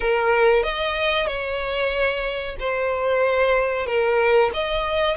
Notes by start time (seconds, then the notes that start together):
0.00 A#4
0.63 D#5
1.27 C#5
2.59 C5
3.86 A#4
4.53 D#5